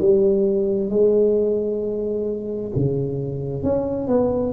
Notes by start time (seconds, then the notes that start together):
0.00 G3
0.90 G#3
2.76 C#3
3.64 C#4
4.08 B3